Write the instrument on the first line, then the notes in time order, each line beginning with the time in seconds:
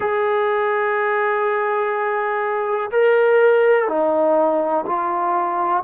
trombone
0.00 G#4
2.91 A#4
3.88 D#4
4.86 F4